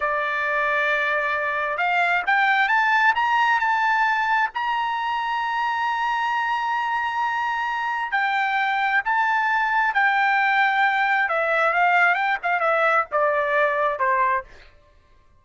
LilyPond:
\new Staff \with { instrumentName = "trumpet" } { \time 4/4 \tempo 4 = 133 d''1 | f''4 g''4 a''4 ais''4 | a''2 ais''2~ | ais''1~ |
ais''2 g''2 | a''2 g''2~ | g''4 e''4 f''4 g''8 f''8 | e''4 d''2 c''4 | }